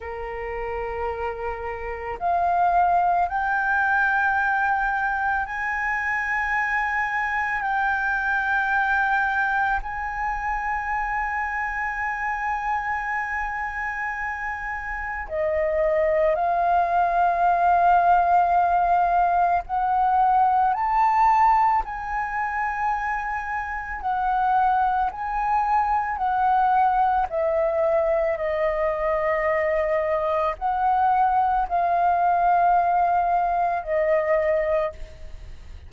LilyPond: \new Staff \with { instrumentName = "flute" } { \time 4/4 \tempo 4 = 55 ais'2 f''4 g''4~ | g''4 gis''2 g''4~ | g''4 gis''2.~ | gis''2 dis''4 f''4~ |
f''2 fis''4 a''4 | gis''2 fis''4 gis''4 | fis''4 e''4 dis''2 | fis''4 f''2 dis''4 | }